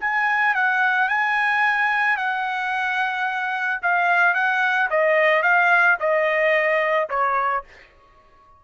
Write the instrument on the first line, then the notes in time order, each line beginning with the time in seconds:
trumpet
0.00 G#5
0.55 F#5
1.09 G#5
2.17 F#5
3.82 F5
4.34 F#5
4.90 D#5
5.42 F5
6.00 D#5
7.09 C#5